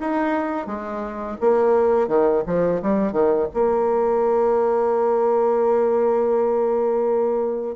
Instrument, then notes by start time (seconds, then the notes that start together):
bassoon
0.00 D#4
0.66 G#3
1.41 A#3
2.08 D#3
2.46 F3
2.82 G3
3.12 D#3
3.54 A#3